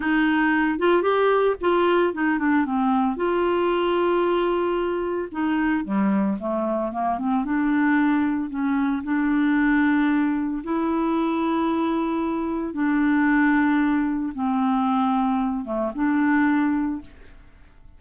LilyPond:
\new Staff \with { instrumentName = "clarinet" } { \time 4/4 \tempo 4 = 113 dis'4. f'8 g'4 f'4 | dis'8 d'8 c'4 f'2~ | f'2 dis'4 g4 | a4 ais8 c'8 d'2 |
cis'4 d'2. | e'1 | d'2. c'4~ | c'4. a8 d'2 | }